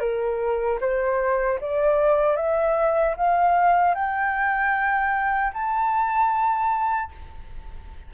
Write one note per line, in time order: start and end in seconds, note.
0.00 0.79 A#4
0.81 1.60 C5
1.61 2.36 D5
2.36 3.15 E5
3.17 3.95 F5
3.95 5.53 G5
5.54 7.12 A5